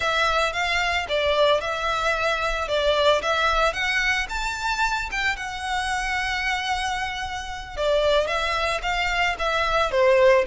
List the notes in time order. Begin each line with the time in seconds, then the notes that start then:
0.00 E5
0.52 F5
1.08 D5
1.60 E5
2.68 D5
3.21 E5
3.73 F#5
4.29 A5
5.11 G5
5.36 F#5
7.76 D5
8.27 E5
8.82 F5
9.38 E5
9.91 C5